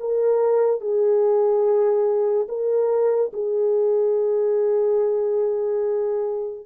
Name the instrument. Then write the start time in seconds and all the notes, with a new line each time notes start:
horn
0.00 A#4
0.81 G#4
2.48 A#4
3.33 G#4